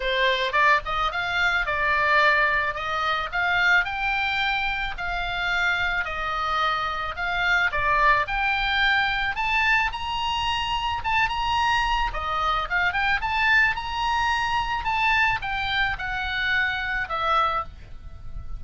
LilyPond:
\new Staff \with { instrumentName = "oboe" } { \time 4/4 \tempo 4 = 109 c''4 d''8 dis''8 f''4 d''4~ | d''4 dis''4 f''4 g''4~ | g''4 f''2 dis''4~ | dis''4 f''4 d''4 g''4~ |
g''4 a''4 ais''2 | a''8 ais''4. dis''4 f''8 g''8 | a''4 ais''2 a''4 | g''4 fis''2 e''4 | }